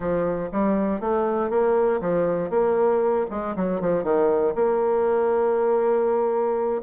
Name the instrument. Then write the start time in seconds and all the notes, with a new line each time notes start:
bassoon
0.00 F3
0.52 G3
1.00 A3
1.50 A#3
2.00 F3
2.50 A#3
3.30 G#3
3.56 F#3
3.80 F3
4.03 D#3
4.55 A#3